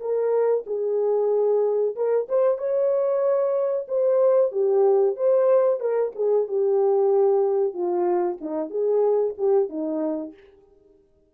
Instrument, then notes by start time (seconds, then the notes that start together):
horn
0.00 A#4
0.67 G#4
1.96 A#4
2.29 C5
2.58 C#5
3.88 C5
4.52 G4
5.16 C5
5.80 A#4
6.16 G#4
6.48 G4
7.74 F4
8.41 D#4
8.70 G#4
9.38 G4
9.69 D#4